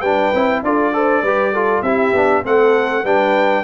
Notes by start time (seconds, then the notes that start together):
0.00 G3 D4 B4 G5
0.34 C4 E4
0.62 D4 F4 A4 D5
0.93 A4 C5
1.22 G3 G4 B4
1.52 F4 A4
1.82 C4 E4 G4 E5
2.12 B3 D4
2.43 A3 C4 A4 F#5
3.03 G3 D4 B4 G5